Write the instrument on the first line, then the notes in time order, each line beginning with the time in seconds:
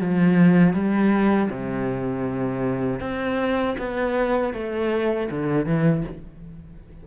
cello
0.00 F3
0.73 G3
1.50 C3
3.00 C4
3.78 B3
4.53 A3
5.30 D3
5.65 E3